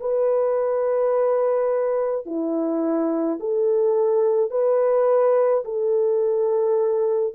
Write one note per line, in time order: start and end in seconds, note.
0.00 2.26 B4
2.26 3.39 E4
3.40 4.50 A4
4.50 5.63 B4
5.64 7.34 A4